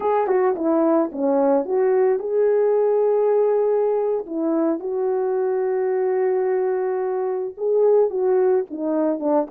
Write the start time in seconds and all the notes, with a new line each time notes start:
0.00 G#4
0.27 F#4
0.55 E4
1.12 C#4
1.65 F#4
2.19 G#4
4.25 E4
4.79 F#4
7.57 G#4
8.09 F#4
8.70 D#4
9.19 D4